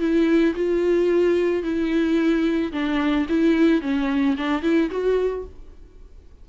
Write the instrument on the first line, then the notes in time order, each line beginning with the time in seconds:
viola
0.00 E4
0.56 F4
1.63 E4
2.72 D4
3.30 E4
3.82 C#4
4.37 D4
4.63 E4
4.91 F#4